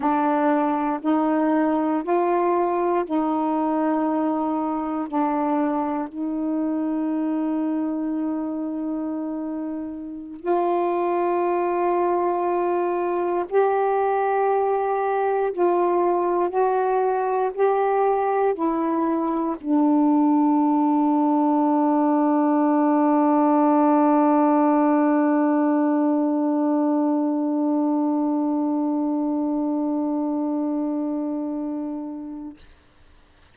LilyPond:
\new Staff \with { instrumentName = "saxophone" } { \time 4/4 \tempo 4 = 59 d'4 dis'4 f'4 dis'4~ | dis'4 d'4 dis'2~ | dis'2~ dis'16 f'4.~ f'16~ | f'4~ f'16 g'2 f'8.~ |
f'16 fis'4 g'4 e'4 d'8.~ | d'1~ | d'1~ | d'1 | }